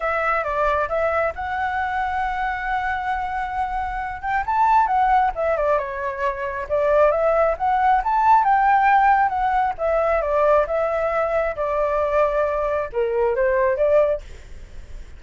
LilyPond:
\new Staff \with { instrumentName = "flute" } { \time 4/4 \tempo 4 = 135 e''4 d''4 e''4 fis''4~ | fis''1~ | fis''4. g''8 a''4 fis''4 | e''8 d''8 cis''2 d''4 |
e''4 fis''4 a''4 g''4~ | g''4 fis''4 e''4 d''4 | e''2 d''2~ | d''4 ais'4 c''4 d''4 | }